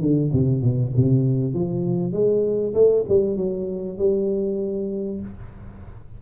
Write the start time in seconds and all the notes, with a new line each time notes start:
0.00 D3
0.32 C3
0.61 B2
0.96 C3
1.54 F3
2.12 G#3
2.74 A3
3.08 G3
3.36 F#3
3.98 G3